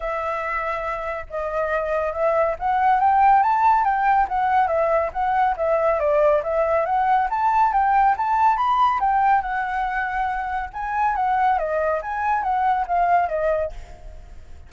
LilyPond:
\new Staff \with { instrumentName = "flute" } { \time 4/4 \tempo 4 = 140 e''2. dis''4~ | dis''4 e''4 fis''4 g''4 | a''4 g''4 fis''4 e''4 | fis''4 e''4 d''4 e''4 |
fis''4 a''4 g''4 a''4 | b''4 g''4 fis''2~ | fis''4 gis''4 fis''4 dis''4 | gis''4 fis''4 f''4 dis''4 | }